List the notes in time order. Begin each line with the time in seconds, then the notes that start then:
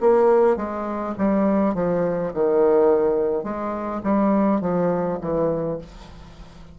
0.00 A#3
0.56 G#3
1.17 G3
1.74 F3
2.33 D#3
3.43 G#3
4.03 G3
4.60 F3
5.20 E3